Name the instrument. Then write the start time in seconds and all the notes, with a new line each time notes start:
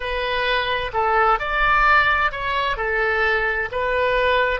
oboe
0.00 B4
0.93 A4
1.39 D5
2.31 C#5
2.77 A4
3.71 B4